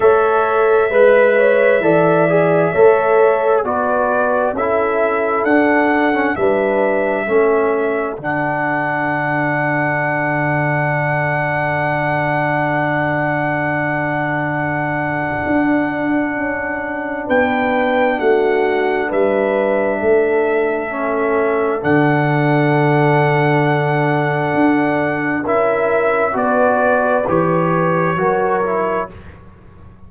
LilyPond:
<<
  \new Staff \with { instrumentName = "trumpet" } { \time 4/4 \tempo 4 = 66 e''1 | d''4 e''4 fis''4 e''4~ | e''4 fis''2.~ | fis''1~ |
fis''2. g''4 | fis''4 e''2. | fis''1 | e''4 d''4 cis''2 | }
  \new Staff \with { instrumentName = "horn" } { \time 4/4 cis''4 b'8 cis''8 d''4 cis''4 | b'4 a'2 b'4 | a'1~ | a'1~ |
a'2. b'4 | fis'4 b'4 a'2~ | a'1 | ais'4 b'2 ais'4 | }
  \new Staff \with { instrumentName = "trombone" } { \time 4/4 a'4 b'4 a'8 gis'8 a'4 | fis'4 e'4 d'8. cis'16 d'4 | cis'4 d'2.~ | d'1~ |
d'1~ | d'2. cis'4 | d'1 | e'4 fis'4 g'4 fis'8 e'8 | }
  \new Staff \with { instrumentName = "tuba" } { \time 4/4 a4 gis4 e4 a4 | b4 cis'4 d'4 g4 | a4 d2.~ | d1~ |
d4 d'4 cis'4 b4 | a4 g4 a2 | d2. d'4 | cis'4 b4 e4 fis4 | }
>>